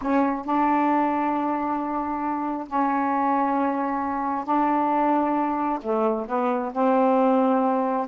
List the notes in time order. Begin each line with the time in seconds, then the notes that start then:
0.01 C#4
0.45 D4
2.67 C#4
4.45 D4
5.81 A3
6.27 B3
6.73 C4